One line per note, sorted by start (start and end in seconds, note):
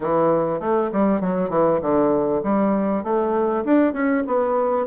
0.00 0.60 E3
0.60 0.90 A3
0.92 1.20 G3
1.20 1.49 F#3
1.49 1.79 E3
1.81 2.42 D3
2.43 3.03 G3
3.03 3.64 A3
3.64 3.93 D4
3.93 4.23 C#4
4.26 4.86 B3